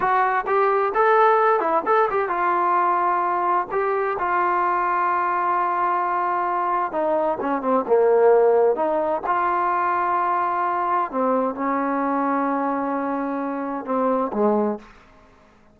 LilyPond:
\new Staff \with { instrumentName = "trombone" } { \time 4/4 \tempo 4 = 130 fis'4 g'4 a'4. e'8 | a'8 g'8 f'2. | g'4 f'2.~ | f'2. dis'4 |
cis'8 c'8 ais2 dis'4 | f'1 | c'4 cis'2.~ | cis'2 c'4 gis4 | }